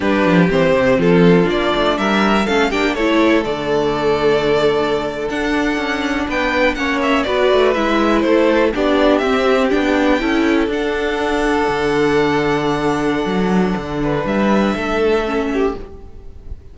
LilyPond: <<
  \new Staff \with { instrumentName = "violin" } { \time 4/4 \tempo 4 = 122 b'4 c''4 a'4 d''4 | e''4 f''8 g''8 cis''4 d''4~ | d''2~ d''8. fis''4~ fis''16~ | fis''8. g''4 fis''8 e''8 d''4 e''16~ |
e''8. c''4 d''4 e''4 g''16~ | g''4.~ g''16 fis''2~ fis''16~ | fis''1~ | fis''4 e''2. | }
  \new Staff \with { instrumentName = "violin" } { \time 4/4 g'2 f'2 | ais'4 a'8 g'8 a'2~ | a'1~ | a'8. b'4 cis''4 b'4~ b'16~ |
b'8. a'4 g'2~ g'16~ | g'8. a'2.~ a'16~ | a'1~ | a'8 b'4. a'4. g'8 | }
  \new Staff \with { instrumentName = "viola" } { \time 4/4 d'4 c'2 d'4~ | d'4 cis'8 d'8 e'4 a4~ | a2~ a8. d'4~ d'16~ | d'4.~ d'16 cis'4 fis'4 e'16~ |
e'4.~ e'16 d'4 c'4 d'16~ | d'8. e'4 d'2~ d'16~ | d'1~ | d'2. cis'4 | }
  \new Staff \with { instrumentName = "cello" } { \time 4/4 g8 f8 e8 c8 f4 ais8 a8 | g4 a8 ais8 a4 d4~ | d2~ d8. d'4 cis'16~ | cis'8. b4 ais4 b8 a8 gis16~ |
gis8. a4 b4 c'4 b16~ | b8. cis'4 d'2 d16~ | d2. fis4 | d4 g4 a2 | }
>>